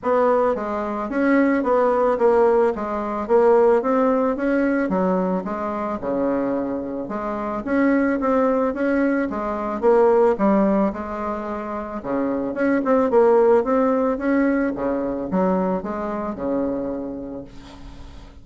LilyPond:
\new Staff \with { instrumentName = "bassoon" } { \time 4/4 \tempo 4 = 110 b4 gis4 cis'4 b4 | ais4 gis4 ais4 c'4 | cis'4 fis4 gis4 cis4~ | cis4 gis4 cis'4 c'4 |
cis'4 gis4 ais4 g4 | gis2 cis4 cis'8 c'8 | ais4 c'4 cis'4 cis4 | fis4 gis4 cis2 | }